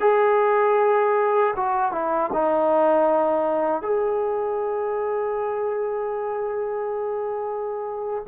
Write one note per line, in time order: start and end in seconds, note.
0.00 1.54 G#4
1.56 1.92 F#4
1.92 2.30 E4
2.33 3.81 D#4
3.81 8.24 G#4